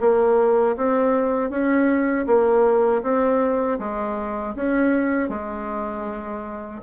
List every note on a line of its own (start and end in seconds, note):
0.00 0.76 A#3
0.76 1.50 C4
1.50 2.26 C#4
2.26 3.02 A#3
3.02 3.78 C4
3.79 4.55 G#3
4.55 5.29 C#4
5.29 6.80 G#3